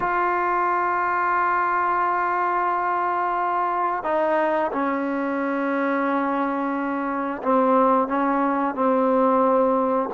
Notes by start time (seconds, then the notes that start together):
0.00 F4
4.03 D#4
4.72 C#4
7.42 C4
8.07 C#4
8.74 C4